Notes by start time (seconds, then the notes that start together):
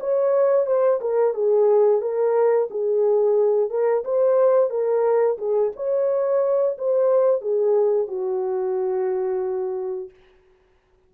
0.00 C#5
0.66 C5
1.01 A#4
1.34 G#4
2.01 A#4
2.70 G#4
3.70 A#4
4.04 C5
4.70 A#4
5.38 G#4
5.76 C#5
6.78 C5
7.41 G#4
8.07 F#4